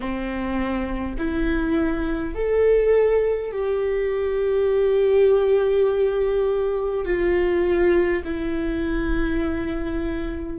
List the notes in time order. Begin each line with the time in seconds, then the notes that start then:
0.00 C4
1.18 E4
2.34 A4
3.52 G4
7.05 F4
8.24 E4